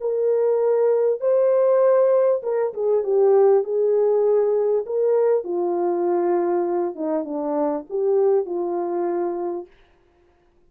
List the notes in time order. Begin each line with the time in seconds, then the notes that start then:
0.00 A#4
1.20 C5
2.42 A#4
2.73 G#4
3.03 G4
3.64 G#4
4.86 A#4
5.44 F4
6.95 D#4
7.24 D4
7.89 G4
8.45 F4